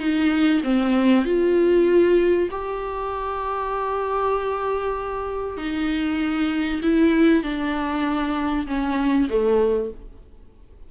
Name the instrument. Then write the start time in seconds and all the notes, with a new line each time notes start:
viola
0.00 D#4
0.64 C4
1.25 F4
2.51 G4
5.58 D#4
6.82 E4
7.43 D4
8.67 C#4
9.30 A3